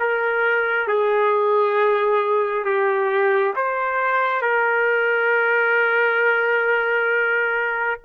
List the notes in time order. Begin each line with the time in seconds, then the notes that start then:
0.00 A#4
0.88 G#4
2.65 G4
3.56 C5
4.42 A#4